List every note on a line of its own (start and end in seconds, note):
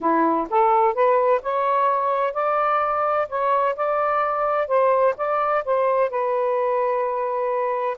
0.01 0.48 E4
0.50 0.94 A4
0.94 1.41 B4
1.42 2.33 C#5
2.33 3.27 D5
3.28 3.75 C#5
3.75 4.67 D5
4.67 5.14 C5
5.17 5.64 D5
5.64 6.09 C5
6.09 7.97 B4